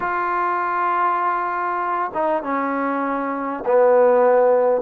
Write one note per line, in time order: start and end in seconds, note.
0.00 2.11 F4
2.13 2.42 D#4
2.42 3.64 C#4
3.65 4.81 B3